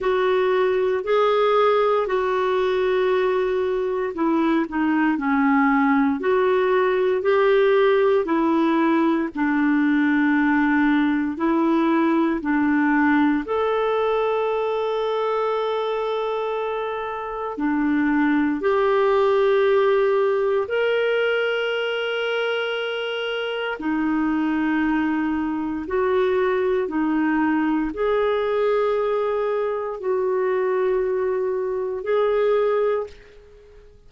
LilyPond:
\new Staff \with { instrumentName = "clarinet" } { \time 4/4 \tempo 4 = 58 fis'4 gis'4 fis'2 | e'8 dis'8 cis'4 fis'4 g'4 | e'4 d'2 e'4 | d'4 a'2.~ |
a'4 d'4 g'2 | ais'2. dis'4~ | dis'4 fis'4 dis'4 gis'4~ | gis'4 fis'2 gis'4 | }